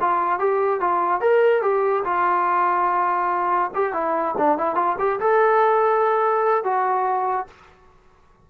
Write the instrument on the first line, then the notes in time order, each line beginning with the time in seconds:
trombone
0.00 F4
0.39 G4
0.80 F4
1.20 A#4
1.62 G4
2.04 F4
3.74 G4
3.93 E4
4.37 D4
4.58 E4
4.75 F4
4.98 G4
5.20 A4
6.64 F#4